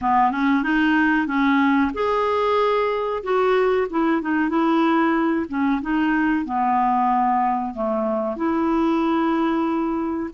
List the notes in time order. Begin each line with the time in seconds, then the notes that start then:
0.01 B3
0.31 C#4
0.63 D#4
1.26 C#4
1.94 G#4
3.23 F#4
3.90 E4
4.21 D#4
4.49 E4
5.48 C#4
5.81 D#4
6.45 B3
7.74 A3
8.36 E4